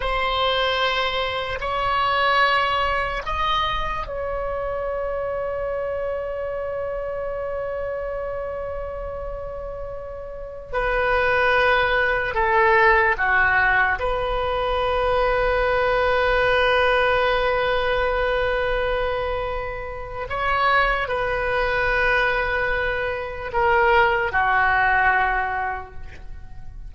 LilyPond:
\new Staff \with { instrumentName = "oboe" } { \time 4/4 \tempo 4 = 74 c''2 cis''2 | dis''4 cis''2.~ | cis''1~ | cis''4~ cis''16 b'2 a'8.~ |
a'16 fis'4 b'2~ b'8.~ | b'1~ | b'4 cis''4 b'2~ | b'4 ais'4 fis'2 | }